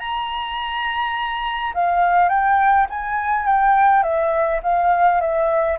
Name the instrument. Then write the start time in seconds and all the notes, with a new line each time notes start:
flute
0.00 A#5
1.75 F5
2.29 G5
2.91 G#5
3.47 G5
4.03 E5
4.64 F5
5.21 E5